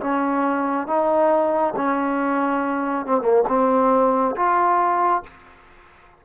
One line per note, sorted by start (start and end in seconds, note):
0.00 0.87 C#4
0.87 1.74 D#4
1.76 3.06 C#4
3.06 3.21 C4
3.21 3.43 A#3
3.48 4.35 C4
4.36 5.23 F4